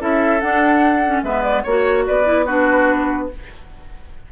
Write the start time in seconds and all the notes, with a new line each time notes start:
0.00 C#4 E4 A4 E5
0.41 D4 F#5
1.06 C#4
1.23 G#3 B3 B4 E5
1.43 D5
1.63 A#3 F#4 C#5
2.07 B3 B4 D5
2.24 E4
2.46 D4 F#4 B4